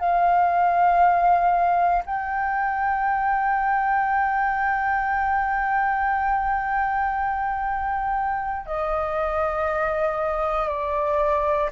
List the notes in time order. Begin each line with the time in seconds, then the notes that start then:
0.00 F5
2.06 G5
8.67 D#5
10.69 D5